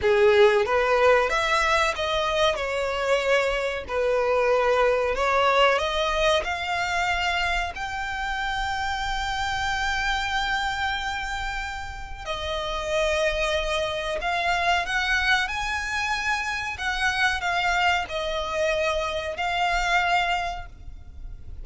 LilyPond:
\new Staff \with { instrumentName = "violin" } { \time 4/4 \tempo 4 = 93 gis'4 b'4 e''4 dis''4 | cis''2 b'2 | cis''4 dis''4 f''2 | g''1~ |
g''2. dis''4~ | dis''2 f''4 fis''4 | gis''2 fis''4 f''4 | dis''2 f''2 | }